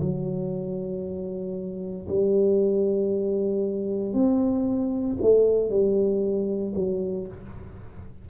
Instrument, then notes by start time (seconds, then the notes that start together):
tuba
0.00 F#3
2.08 G3
4.13 C4
5.21 A3
5.70 G3
6.75 F#3